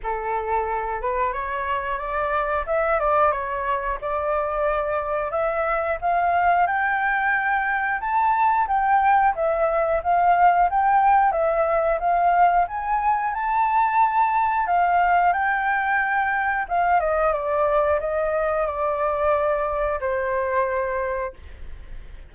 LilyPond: \new Staff \with { instrumentName = "flute" } { \time 4/4 \tempo 4 = 90 a'4. b'8 cis''4 d''4 | e''8 d''8 cis''4 d''2 | e''4 f''4 g''2 | a''4 g''4 e''4 f''4 |
g''4 e''4 f''4 gis''4 | a''2 f''4 g''4~ | g''4 f''8 dis''8 d''4 dis''4 | d''2 c''2 | }